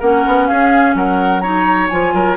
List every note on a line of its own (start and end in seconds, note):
0.00 0.25 A#3
0.00 1.43 C#4
0.00 0.47 A#4
0.00 0.47 F#5
0.26 0.50 B3
0.47 0.94 C#4
0.47 0.95 G#4
0.47 0.95 F5
0.94 1.89 F#3
0.94 1.43 A#4
0.94 1.40 F#5
1.40 1.91 D#4
1.40 2.14 C#5
1.40 1.87 A#5
1.89 2.14 F3
1.89 2.37 F4
1.89 2.36 G#5
2.14 2.37 F#3
2.14 2.37 A#4